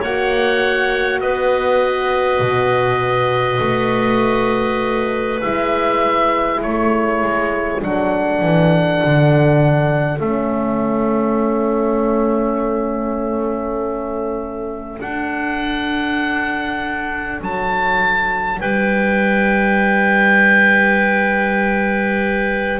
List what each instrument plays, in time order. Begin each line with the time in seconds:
0.00 double bass A#3, horn F#4, clarinet C#5, oboe F#5
1.21 double bass B3, clarinet B4, oboe D#5
2.40 double bass B2
3.60 double bass A3
5.42 double bass G#3, horn E4, oboe E5
6.62 double bass A3, clarinet A4, oboe C#5
7.23 double bass G#3
7.81 double bass F#3, horn D4, oboe F#5
8.42 double bass E3
9.04 double bass D3
10.20 double bass A3, horn C#4, oboe E5
15.01 double bass D4, horn D4, oboe F#5
17.41 double bass F#3, oboe A5
18.61 double bass G3, clarinet B4, oboe G5